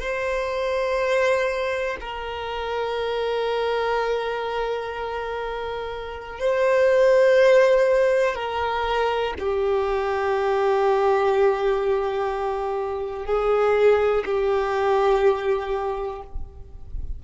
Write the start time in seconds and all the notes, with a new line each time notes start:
0.00 C5
2.00 A#4
6.40 C5
8.35 A#4
9.39 G4
13.26 G#4
14.25 G4